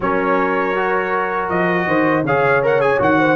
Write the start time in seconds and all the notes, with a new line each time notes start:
0.00 F#3 C#4 A#4 C#5
0.75 F#4
1.49 F3 D#5
1.86 D#3 C5
2.23 C#3 G#4 C#5 F5
2.62 A#4 F#5
2.80 G#4 G#5
2.98 D#3 F#4 F#5
3.19 C5